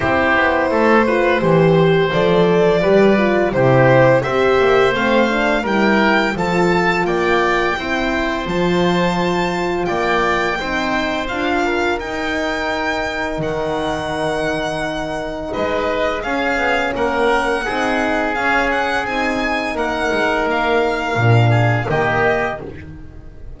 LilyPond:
<<
  \new Staff \with { instrumentName = "violin" } { \time 4/4 \tempo 4 = 85 c''2. d''4~ | d''4 c''4 e''4 f''4 | g''4 a''4 g''2 | a''2 g''2 |
f''4 g''2 fis''4~ | fis''2 dis''4 f''4 | fis''2 f''8 fis''8 gis''4 | fis''4 f''2 dis''4 | }
  \new Staff \with { instrumentName = "oboe" } { \time 4/4 g'4 a'8 b'8 c''2 | b'4 g'4 c''2 | ais'4 a'4 d''4 c''4~ | c''2 d''4 c''4~ |
c''8 ais'2.~ ais'8~ | ais'2 b'4 gis'4 | ais'4 gis'2. | ais'2~ ais'8 gis'8 g'4 | }
  \new Staff \with { instrumentName = "horn" } { \time 4/4 e'4. f'8 g'4 a'4 | g'8 f'8 e'4 g'4 c'8 d'8 | e'4 f'2 e'4 | f'2. dis'4 |
f'4 dis'2.~ | dis'2. cis'4~ | cis'4 dis'4 cis'4 dis'4~ | dis'2 d'4 ais4 | }
  \new Staff \with { instrumentName = "double bass" } { \time 4/4 c'8 b8 a4 e4 f4 | g4 c4 c'8 ais8 a4 | g4 f4 ais4 c'4 | f2 ais4 c'4 |
d'4 dis'2 dis4~ | dis2 gis4 cis'8 b8 | ais4 c'4 cis'4 c'4 | ais8 gis8 ais4 ais,4 dis4 | }
>>